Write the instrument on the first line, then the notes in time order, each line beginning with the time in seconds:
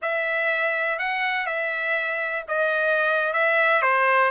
trumpet
0.02 E5
0.99 F#5
1.46 E5
2.48 D#5
3.33 E5
3.82 C5